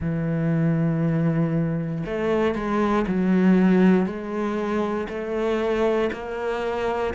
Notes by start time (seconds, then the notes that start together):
0.00 E3
2.05 A3
2.54 G#3
3.07 F#3
4.05 G#3
5.08 A3
6.12 A#3